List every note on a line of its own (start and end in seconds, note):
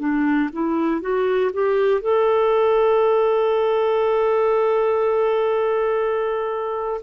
0.00 0.50 D4
0.53 1.01 E4
1.01 1.51 F#4
1.54 2.02 G4
2.02 7.02 A4